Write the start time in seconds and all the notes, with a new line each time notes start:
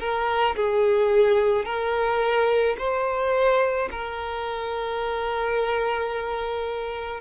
0.00 A#4
0.56 G#4
1.65 A#4
2.78 C5
3.91 A#4